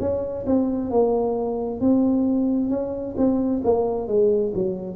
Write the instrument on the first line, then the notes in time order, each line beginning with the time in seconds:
tuba
0.00 C#4
0.47 C4
0.90 A#3
1.81 C4
2.70 C#4
3.17 C4
3.64 A#3
4.07 G#3
4.54 F#3